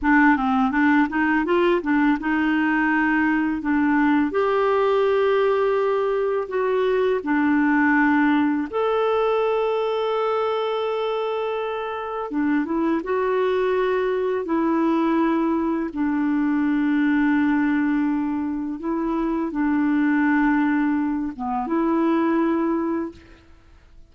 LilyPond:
\new Staff \with { instrumentName = "clarinet" } { \time 4/4 \tempo 4 = 83 d'8 c'8 d'8 dis'8 f'8 d'8 dis'4~ | dis'4 d'4 g'2~ | g'4 fis'4 d'2 | a'1~ |
a'4 d'8 e'8 fis'2 | e'2 d'2~ | d'2 e'4 d'4~ | d'4. b8 e'2 | }